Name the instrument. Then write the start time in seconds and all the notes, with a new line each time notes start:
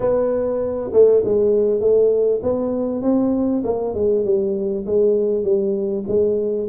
tuba
0.00 B3
0.92 A3
1.24 G#3
1.80 A3
2.42 B3
3.02 C4
3.64 A#3
3.94 G#3
4.24 G3
4.85 G#3
5.43 G3
6.07 G#3